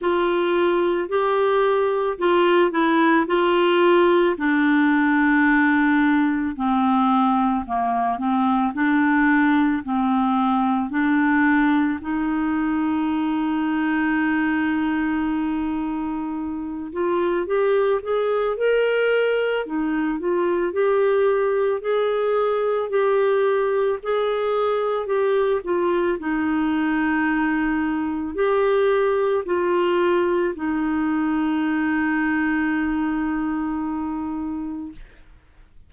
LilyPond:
\new Staff \with { instrumentName = "clarinet" } { \time 4/4 \tempo 4 = 55 f'4 g'4 f'8 e'8 f'4 | d'2 c'4 ais8 c'8 | d'4 c'4 d'4 dis'4~ | dis'2.~ dis'8 f'8 |
g'8 gis'8 ais'4 dis'8 f'8 g'4 | gis'4 g'4 gis'4 g'8 f'8 | dis'2 g'4 f'4 | dis'1 | }